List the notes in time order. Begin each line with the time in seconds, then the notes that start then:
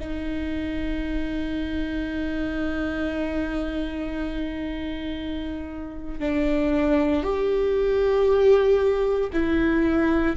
0.00 D#4
6.20 D4
7.24 G4
9.33 E4